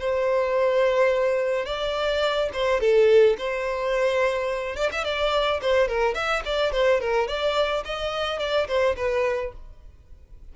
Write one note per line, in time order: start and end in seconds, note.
0.00 1.66 C5
1.66 2.50 D5
2.53 2.80 C5
2.80 3.36 A4
3.38 4.76 C5
4.76 4.90 D5
4.92 5.04 E5
5.04 5.60 D5
5.62 5.88 C5
5.88 6.15 A#4
6.15 6.43 E5
6.45 6.72 D5
6.72 7.00 C5
7.00 7.27 A#4
7.27 7.84 D5
7.85 8.39 D#5
8.39 8.67 D5
8.68 8.96 C5
8.96 9.52 B4